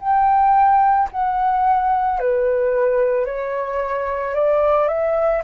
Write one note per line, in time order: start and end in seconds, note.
0.00 1.09 G5
1.12 2.20 F#5
2.20 3.26 B4
3.26 4.35 C#5
4.35 4.88 D5
4.88 5.42 E5